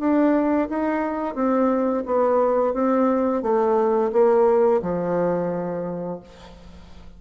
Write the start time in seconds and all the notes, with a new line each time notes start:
0.00 D4
0.70 D#4
1.35 C4
2.06 B3
2.74 C4
3.43 A3
4.13 A#3
4.82 F3